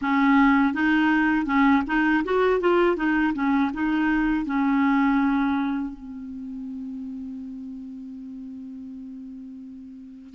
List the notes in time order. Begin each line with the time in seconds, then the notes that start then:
0.01 C#4
0.73 D#4
1.45 C#4
1.86 D#4
2.24 F#4
2.60 F4
2.96 D#4
3.34 C#4
3.73 D#4
4.45 C#4
5.93 C4